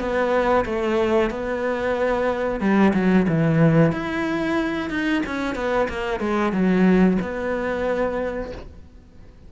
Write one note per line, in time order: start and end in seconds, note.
0.00 0.65 B3
0.66 1.30 A3
1.30 2.61 B3
2.61 2.93 G3
2.94 3.26 F#3
3.29 3.92 E3
3.92 4.90 E4
4.90 5.23 D#4
5.26 5.56 C#4
5.56 5.88 B3
5.89 6.20 A#3
6.20 6.52 G#3
6.52 7.18 F#3
7.22 8.52 B3